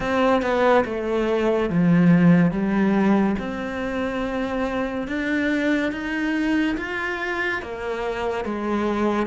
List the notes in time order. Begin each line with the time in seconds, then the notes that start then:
0.00 C4
0.42 B3
0.85 A3
1.69 F3
2.51 G3
3.38 C4
5.07 D4
5.92 D#4
6.77 F4
7.62 A#3
8.44 G#3